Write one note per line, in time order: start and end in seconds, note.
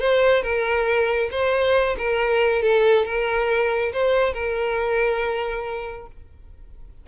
0.00 0.43 C5
0.43 1.30 A#4
1.31 1.96 C5
1.98 2.62 A#4
2.62 3.06 A4
3.06 3.92 A#4
3.93 4.33 C5
4.33 6.07 A#4